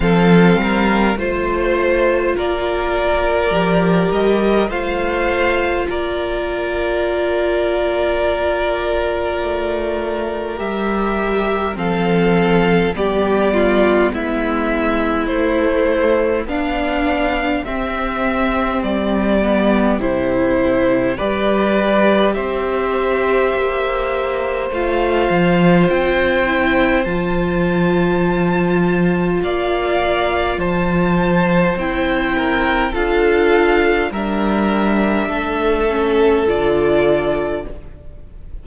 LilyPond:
<<
  \new Staff \with { instrumentName = "violin" } { \time 4/4 \tempo 4 = 51 f''4 c''4 d''4. dis''8 | f''4 d''2.~ | d''4 e''4 f''4 d''4 | e''4 c''4 f''4 e''4 |
d''4 c''4 d''4 e''4~ | e''4 f''4 g''4 a''4~ | a''4 f''4 a''4 g''4 | f''4 e''2 d''4 | }
  \new Staff \with { instrumentName = "violin" } { \time 4/4 a'8 ais'8 c''4 ais'2 | c''4 ais'2.~ | ais'2 a'4 g'8 f'8 | e'2 d'4 g'4~ |
g'2 b'4 c''4~ | c''1~ | c''4 d''4 c''4. ais'8 | a'4 ais'4 a'2 | }
  \new Staff \with { instrumentName = "viola" } { \time 4/4 c'4 f'2 g'4 | f'1~ | f'4 g'4 c'4 b4~ | b4 a4 d'4 c'4~ |
c'8 b8 e'4 g'2~ | g'4 f'4. e'8 f'4~ | f'2. e'4 | f'4 d'4. cis'8 f'4 | }
  \new Staff \with { instrumentName = "cello" } { \time 4/4 f8 g8 a4 ais4 f8 g8 | a4 ais2. | a4 g4 f4 g4 | gis4 a4 b4 c'4 |
g4 c4 g4 c'4 | ais4 a8 f8 c'4 f4~ | f4 ais4 f4 c'4 | d'4 g4 a4 d4 | }
>>